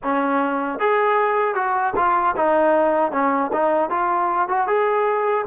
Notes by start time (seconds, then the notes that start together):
0.03 C#4
0.79 G#4
1.54 F#4
1.96 F4
2.36 D#4
3.11 C#4
3.52 D#4
3.90 F4
4.48 F#4
4.67 G#4